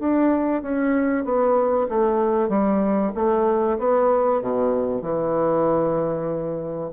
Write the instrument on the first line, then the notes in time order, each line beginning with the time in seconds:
bassoon
0.00 D4
0.63 C#4
1.25 B3
1.89 A3
2.49 G3
3.15 A3
3.79 B3
4.42 B2
5.02 E3